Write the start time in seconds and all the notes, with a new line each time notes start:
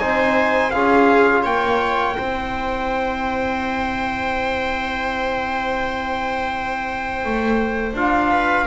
0.00 C4 D#4 C5 G#5
0.71 C#4 F4 G#4 F5
1.43 A#3 C#5 G5
2.16 C4 E4 C5
7.25 A3
7.93 D4 F4 F5
8.31 B4